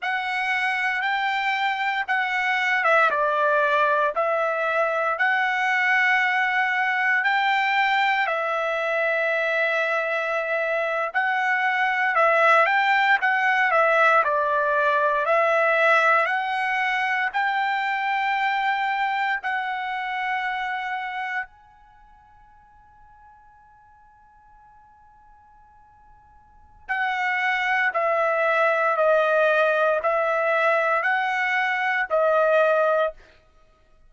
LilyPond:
\new Staff \with { instrumentName = "trumpet" } { \time 4/4 \tempo 4 = 58 fis''4 g''4 fis''8. e''16 d''4 | e''4 fis''2 g''4 | e''2~ e''8. fis''4 e''16~ | e''16 g''8 fis''8 e''8 d''4 e''4 fis''16~ |
fis''8. g''2 fis''4~ fis''16~ | fis''8. gis''2.~ gis''16~ | gis''2 fis''4 e''4 | dis''4 e''4 fis''4 dis''4 | }